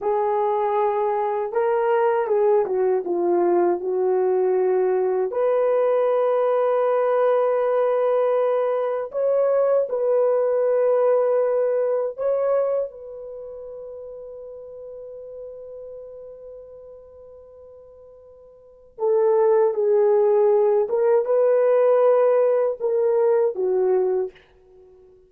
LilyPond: \new Staff \with { instrumentName = "horn" } { \time 4/4 \tempo 4 = 79 gis'2 ais'4 gis'8 fis'8 | f'4 fis'2 b'4~ | b'1 | cis''4 b'2. |
cis''4 b'2.~ | b'1~ | b'4 a'4 gis'4. ais'8 | b'2 ais'4 fis'4 | }